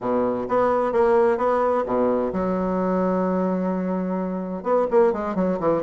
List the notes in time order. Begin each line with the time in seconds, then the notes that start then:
0.00 B2
0.48 B3
0.92 A#3
1.37 B3
1.85 B2
2.32 F#3
4.63 B3
4.90 A#3
5.12 G#3
5.35 F#3
5.59 E3